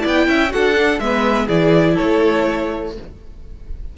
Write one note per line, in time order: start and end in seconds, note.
0.00 0.27 B3
0.00 0.48 E4
0.00 0.26 D5
0.07 0.52 G5
0.27 0.52 C#4
0.27 0.52 E5
0.49 0.73 F#4
0.49 1.01 A4
0.49 0.99 F#5
0.55 0.99 D4
0.74 0.99 D4
0.99 1.47 G#3
0.99 1.48 B3
0.99 1.46 B4
0.99 1.47 E5
1.46 1.96 E3
1.46 2.93 E4
1.46 1.94 G#4
1.46 1.96 D5
1.94 2.90 A4
1.94 2.93 C#5
2.00 2.97 A3